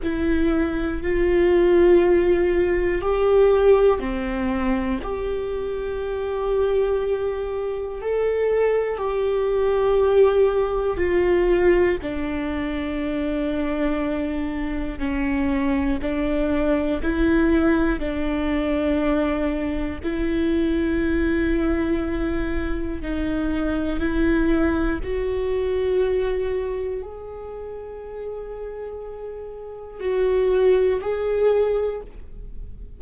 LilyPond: \new Staff \with { instrumentName = "viola" } { \time 4/4 \tempo 4 = 60 e'4 f'2 g'4 | c'4 g'2. | a'4 g'2 f'4 | d'2. cis'4 |
d'4 e'4 d'2 | e'2. dis'4 | e'4 fis'2 gis'4~ | gis'2 fis'4 gis'4 | }